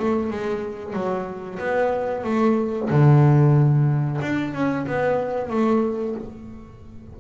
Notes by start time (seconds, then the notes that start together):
0.00 A3
0.31 G#3
0.94 F#3
1.60 B3
2.24 A3
2.90 D3
4.22 D4
4.54 C#4
4.87 B3
5.50 A3